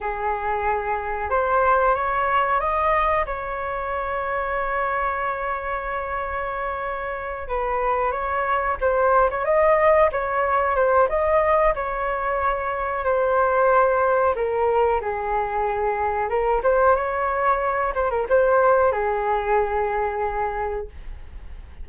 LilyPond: \new Staff \with { instrumentName = "flute" } { \time 4/4 \tempo 4 = 92 gis'2 c''4 cis''4 | dis''4 cis''2.~ | cis''2.~ cis''8 b'8~ | b'8 cis''4 c''8. cis''16 dis''4 cis''8~ |
cis''8 c''8 dis''4 cis''2 | c''2 ais'4 gis'4~ | gis'4 ais'8 c''8 cis''4. c''16 ais'16 | c''4 gis'2. | }